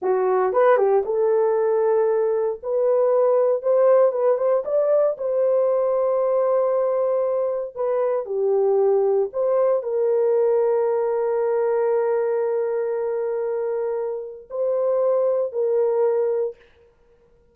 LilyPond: \new Staff \with { instrumentName = "horn" } { \time 4/4 \tempo 4 = 116 fis'4 b'8 g'8 a'2~ | a'4 b'2 c''4 | b'8 c''8 d''4 c''2~ | c''2. b'4 |
g'2 c''4 ais'4~ | ais'1~ | ais'1 | c''2 ais'2 | }